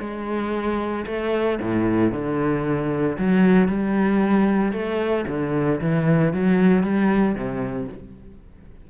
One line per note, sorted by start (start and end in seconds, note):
0.00 1.05 G#3
1.06 1.59 A3
1.61 2.12 A2
2.12 3.17 D3
3.18 3.68 F#3
3.68 4.72 G3
4.72 5.25 A3
5.28 5.80 D3
5.81 6.33 E3
6.33 6.83 F#3
6.83 7.35 G3
7.35 7.88 C3